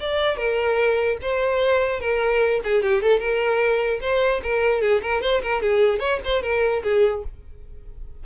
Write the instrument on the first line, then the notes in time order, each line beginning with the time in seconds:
violin
0.00 D5
0.37 A#4
1.22 C5
2.00 A#4
2.64 G#4
2.83 G4
3.02 A4
3.20 A#4
4.01 C5
4.43 A#4
4.82 G#4
5.02 A#4
5.22 C5
5.42 A#4
5.62 G#4
6.00 C#5
6.25 C5
6.42 A#4
6.83 G#4